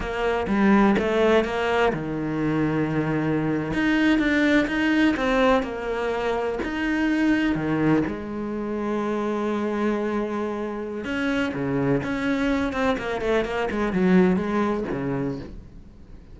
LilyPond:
\new Staff \with { instrumentName = "cello" } { \time 4/4 \tempo 4 = 125 ais4 g4 a4 ais4 | dis2.~ dis8. dis'16~ | dis'8. d'4 dis'4 c'4 ais16~ | ais4.~ ais16 dis'2 dis16~ |
dis8. gis2.~ gis16~ | gis2. cis'4 | cis4 cis'4. c'8 ais8 a8 | ais8 gis8 fis4 gis4 cis4 | }